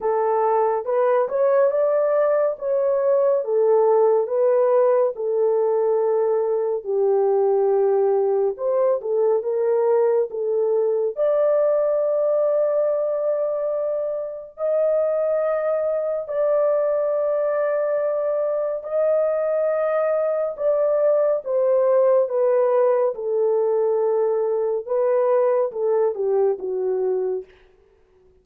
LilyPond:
\new Staff \with { instrumentName = "horn" } { \time 4/4 \tempo 4 = 70 a'4 b'8 cis''8 d''4 cis''4 | a'4 b'4 a'2 | g'2 c''8 a'8 ais'4 | a'4 d''2.~ |
d''4 dis''2 d''4~ | d''2 dis''2 | d''4 c''4 b'4 a'4~ | a'4 b'4 a'8 g'8 fis'4 | }